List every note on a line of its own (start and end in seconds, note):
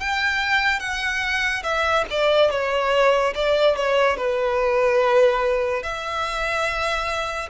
0.00 0.80 G5
0.80 1.63 F#5
1.64 2.05 E5
2.11 2.51 D5
2.51 3.34 C#5
3.35 3.76 D5
3.76 4.17 C#5
4.17 5.83 B4
5.83 7.50 E5